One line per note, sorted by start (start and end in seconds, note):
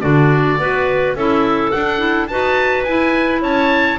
0.00 0.58 D3
0.00 0.59 D4
0.00 0.58 F#4
0.00 1.13 D5
0.58 1.14 B3
0.58 1.16 F#4
0.58 1.16 B4
1.14 1.71 C#4
1.14 1.72 E4
1.14 2.29 A4
1.14 1.71 E5
1.71 1.98 D4
1.71 2.31 D4
1.71 2.27 F#5
1.98 2.26 E4
2.27 2.87 D#4
2.27 2.86 F#4
2.27 3.41 B4
2.27 2.83 A5
2.83 3.99 E4
2.83 3.42 E4
2.83 3.40 G#5
3.41 3.98 C#4
3.41 3.98 C#5
3.41 3.99 A5